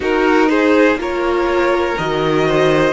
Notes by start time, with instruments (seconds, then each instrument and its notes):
0.00 viola D#4, cello D#4, violin F#4 A#4
0.49 violin G#4 C5
0.95 cello A#3, viola F4, violin A#4 C#5
1.98 cello D#3, viola F#4, violin D#5
2.47 violin C5